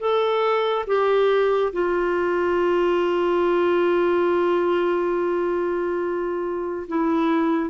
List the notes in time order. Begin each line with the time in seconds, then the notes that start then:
0.00 A4
0.87 G4
1.73 F4
6.88 E4